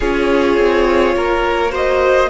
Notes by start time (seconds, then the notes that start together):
0.00 C#4 F4 G#4 C#5
0.57 C4
1.15 A#3 A#4
1.70 F#4 C5 D#5